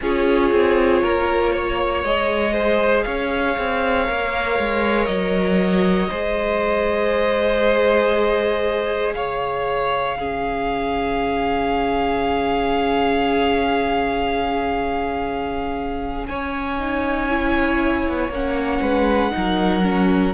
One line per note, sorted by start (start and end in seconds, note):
0.01 0.51 C#4
0.01 2.05 F4
0.01 1.02 G#4
0.01 2.04 C#5
0.51 1.02 C4
1.02 2.03 A#3
1.02 1.53 A#4
1.53 2.53 C#5
2.03 3.05 G#3
2.03 4.06 G#4
2.03 3.03 D#5
2.53 3.04 C5
3.03 3.57 C#4
3.03 6.09 C#5
3.03 5.06 F5
3.57 4.08 C4
4.06 4.58 A#3
4.06 6.09 A#4
4.58 5.07 G#3
5.06 6.09 F#3
5.06 9.12 D#5
6.09 9.14 G#3
6.09 10.17 G#4
6.09 9.14 C5
9.14 16.26 C#3
9.14 10.18 C#5
9.14 16.26 F5
10.18 16.79 C#4
10.18 16.28 G#4
16.27 18.07 C#4
16.27 18.81 C#5
16.27 18.30 G#5
16.79 17.29 D#4
17.29 18.31 E4
18.07 18.29 B3
18.29 18.79 A#3
18.29 19.31 C#4
18.29 20.34 F#5
18.81 19.32 G#3
18.81 19.32 B4
19.31 20.34 F#3
19.31 19.82 D#4
19.31 20.34 A#4
19.82 20.33 C#4